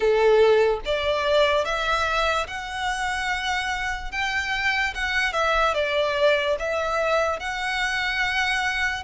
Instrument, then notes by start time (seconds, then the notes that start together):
violin
0.00 A4
0.85 D5
1.64 E5
2.47 F#5
4.11 G5
4.94 F#5
5.32 E5
5.73 D5
6.59 E5
7.39 F#5